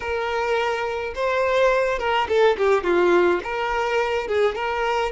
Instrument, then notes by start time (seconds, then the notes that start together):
violin
0.00 A#4
1.14 C5
1.98 A#4
2.28 A4
2.57 G4
2.83 F4
3.43 A#4
4.27 G#4
4.55 A#4